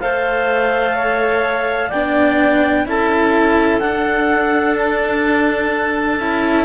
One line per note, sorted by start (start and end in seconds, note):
0.00 1.92 A3
0.00 1.93 A4
0.00 0.95 C5
0.00 1.90 F5
0.95 1.89 C#5
1.89 2.86 B3
1.89 2.86 D4
1.89 2.84 D5
1.89 2.86 G5
2.86 3.81 C#4
2.86 3.81 E4
2.86 6.65 A4
2.86 3.80 A5
3.80 6.19 D4
3.80 6.20 D4
3.80 4.75 F#5
4.76 6.65 A5
6.19 6.65 C#4
6.19 6.65 E4